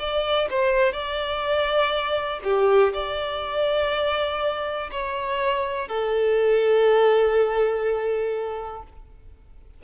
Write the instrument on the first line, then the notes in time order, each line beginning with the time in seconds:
violin
0.00 D5
0.51 C5
0.93 D5
2.44 G4
2.94 D5
4.92 C#5
5.88 A4